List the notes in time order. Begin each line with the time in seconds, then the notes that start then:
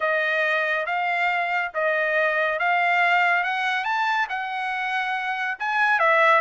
0.00 D#5
0.86 F5
1.74 D#5
2.59 F5
3.43 F#5
3.84 A5
4.29 F#5
5.59 G#5
5.99 E5